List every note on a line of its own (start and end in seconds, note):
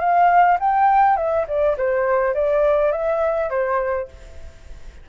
0.00 0.58 F5
0.60 1.17 G5
1.17 1.46 E5
1.48 1.77 D5
1.78 2.35 C5
2.35 2.92 D5
2.92 3.50 E5
3.50 4.08 C5